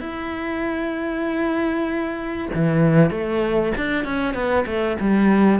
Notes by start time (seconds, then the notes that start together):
0.00 E4
2.54 E3
3.10 A3
3.77 D4
4.04 C#4
4.34 B3
4.66 A3
5.00 G3